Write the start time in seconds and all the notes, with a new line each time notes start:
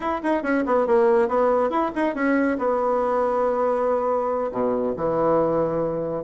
0.00 E4
0.23 D#4
0.42 C#4
0.66 B3
0.86 A#3
1.28 B3
1.69 E4
1.95 D#4
2.14 C#4
2.58 B3
4.51 B2
4.96 E3